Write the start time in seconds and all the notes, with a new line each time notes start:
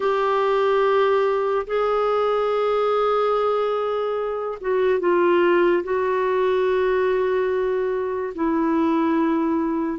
0.00 G4
1.67 G#4
4.61 F#4
4.99 F4
5.83 F#4
8.34 E4